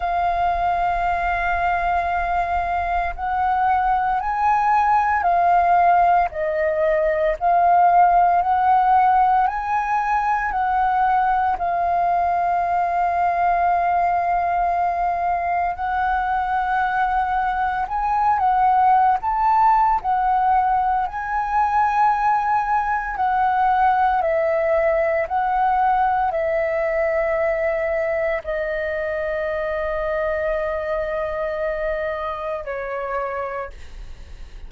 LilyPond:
\new Staff \with { instrumentName = "flute" } { \time 4/4 \tempo 4 = 57 f''2. fis''4 | gis''4 f''4 dis''4 f''4 | fis''4 gis''4 fis''4 f''4~ | f''2. fis''4~ |
fis''4 gis''8 fis''8. a''8. fis''4 | gis''2 fis''4 e''4 | fis''4 e''2 dis''4~ | dis''2. cis''4 | }